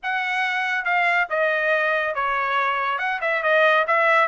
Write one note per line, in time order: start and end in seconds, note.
0.02 0.85 F#5
0.85 1.27 F5
1.29 2.14 D#5
2.14 2.98 C#5
2.98 3.19 F#5
3.21 3.42 E5
3.42 3.85 D#5
3.87 4.28 E5